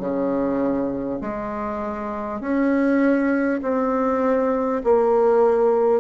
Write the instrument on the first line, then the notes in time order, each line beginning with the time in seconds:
bassoon
0.00 C#3
1.21 G#3
2.41 C#4
3.62 C4
4.84 A#3